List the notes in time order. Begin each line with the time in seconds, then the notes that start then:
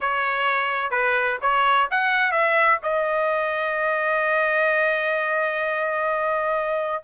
0.00 C#5
0.91 B4
1.41 C#5
1.90 F#5
2.31 E5
2.82 D#5